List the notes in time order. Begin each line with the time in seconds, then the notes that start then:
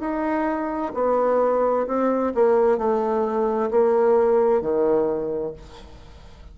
0.00 D#4
0.94 B3
1.87 C4
2.35 A#3
2.78 A3
3.71 A#3
4.62 D#3